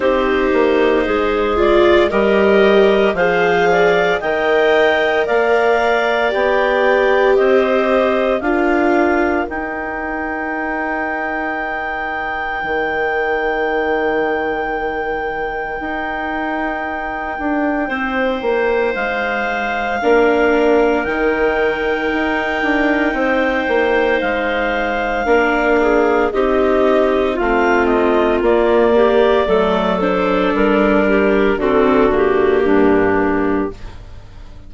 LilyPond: <<
  \new Staff \with { instrumentName = "clarinet" } { \time 4/4 \tempo 4 = 57 c''4. d''8 dis''4 f''4 | g''4 f''4 g''4 dis''4 | f''4 g''2.~ | g''1~ |
g''2 f''2 | g''2. f''4~ | f''4 dis''4 f''8 dis''8 d''4~ | d''8 c''8 ais'4 a'8 g'4. | }
  \new Staff \with { instrumentName = "clarinet" } { \time 4/4 g'4 gis'4 ais'4 c''8 d''8 | dis''4 d''2 c''4 | ais'1~ | ais'1~ |
ais'4 c''2 ais'4~ | ais'2 c''2 | ais'8 gis'8 g'4 f'4. g'8 | a'4. g'8 fis'4 d'4 | }
  \new Staff \with { instrumentName = "viola" } { \time 4/4 dis'4. f'8 g'4 gis'4 | ais'2 g'2 | f'4 dis'2.~ | dis'1~ |
dis'2. d'4 | dis'1 | d'4 dis'4 c'4 ais4 | a8 d'4. c'8 ais4. | }
  \new Staff \with { instrumentName = "bassoon" } { \time 4/4 c'8 ais8 gis4 g4 f4 | dis4 ais4 b4 c'4 | d'4 dis'2. | dis2. dis'4~ |
dis'8 d'8 c'8 ais8 gis4 ais4 | dis4 dis'8 d'8 c'8 ais8 gis4 | ais4 c'4 a4 ais4 | fis4 g4 d4 g,4 | }
>>